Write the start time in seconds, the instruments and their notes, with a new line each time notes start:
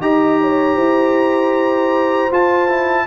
0.00 tuba D#4, trombone G4, horn D#5, trumpet A#5
0.40 horn C#5
0.75 tuba E4, horn C5
2.31 trombone F4, tuba F4, trumpet A5
2.68 trombone E4